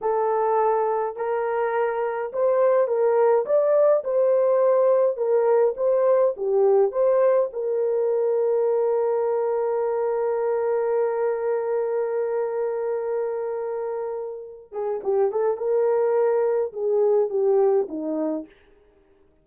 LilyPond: \new Staff \with { instrumentName = "horn" } { \time 4/4 \tempo 4 = 104 a'2 ais'2 | c''4 ais'4 d''4 c''4~ | c''4 ais'4 c''4 g'4 | c''4 ais'2.~ |
ais'1~ | ais'1~ | ais'4. gis'8 g'8 a'8 ais'4~ | ais'4 gis'4 g'4 dis'4 | }